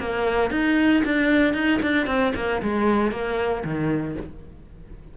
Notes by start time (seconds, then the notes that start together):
0.00 A#3
0.51 D#4
1.05 D4
1.54 D#4
1.82 D4
2.07 C4
2.36 A#3
2.62 G#3
3.12 A#3
3.65 D#3